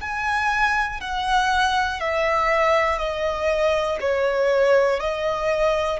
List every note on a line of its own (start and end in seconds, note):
0.00 1.00 G#5
1.00 2.00 F#5
2.00 2.98 E5
2.98 3.98 D#5
4.00 5.00 C#5
5.00 6.00 D#5